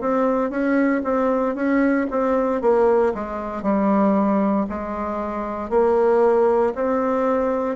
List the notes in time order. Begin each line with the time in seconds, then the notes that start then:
0.00 C4
0.50 C#4
1.03 C4
1.55 C#4
2.10 C4
2.61 A#3
3.14 G#3
3.62 G3
4.69 G#3
5.69 A#3
6.74 C4